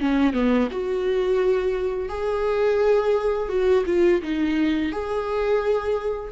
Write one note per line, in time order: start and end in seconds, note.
0.00 0.34 C#4
0.34 0.69 B3
0.72 2.09 F#4
2.09 3.49 G#4
3.49 3.84 F#4
3.87 4.22 F4
4.22 4.93 D#4
4.93 6.33 G#4